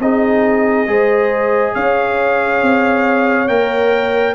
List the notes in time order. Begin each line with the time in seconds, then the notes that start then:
0.00 C4 D#4 G#4 D#5
0.86 G#3 G#4 C5
1.74 C#4 C#5 F5
2.62 C4
3.48 A#3 A#4 G5